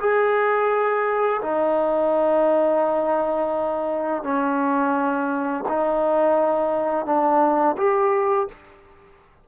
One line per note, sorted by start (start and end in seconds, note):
0.00 1.41 G#4
1.42 4.24 D#4
4.24 5.65 C#4
5.69 7.06 D#4
7.06 7.77 D4
7.78 8.48 G4